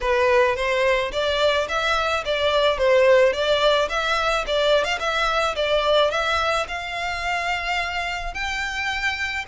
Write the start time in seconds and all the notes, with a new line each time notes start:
0.00 B4
0.56 C5
1.11 D5
1.68 E5
2.25 D5
2.78 C5
3.32 D5
3.89 E5
4.46 D5
4.84 F5
4.99 E5
5.55 D5
6.11 E5
6.68 F5
8.34 G5